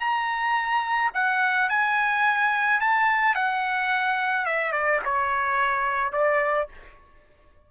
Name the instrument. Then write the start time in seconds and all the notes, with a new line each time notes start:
trumpet
0.00 A#5
1.14 F#5
1.69 G#5
2.80 A5
3.35 F#5
4.46 E5
4.72 D5
5.05 C#5
6.12 D5